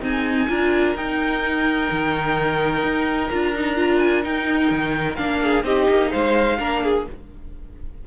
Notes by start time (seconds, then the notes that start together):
0.00 C4 D#4 G#4 G#5
0.48 D4 F4 A#4
0.95 D#4 G5
1.90 D#3
2.83 D#4
3.30 D4 F4 A#5
3.55 D#4
3.75 F4
3.99 G#5
4.22 D#4 G5
4.71 D#3
5.15 A#3 D4 F5
5.42 G#4
5.63 C4 D#4 G4 D#5
5.89 A#3
6.10 G#3 C5 F5
6.58 A#3 D4 A#4
6.83 G#4